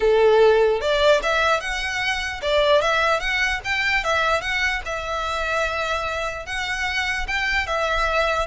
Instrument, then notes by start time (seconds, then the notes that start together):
violin
0.00 A4
0.80 D5
1.22 E5
1.60 F#5
2.42 D5
2.81 E5
3.20 F#5
3.64 G5
4.04 E5
4.41 F#5
4.85 E5
6.46 F#5
7.27 G5
7.66 E5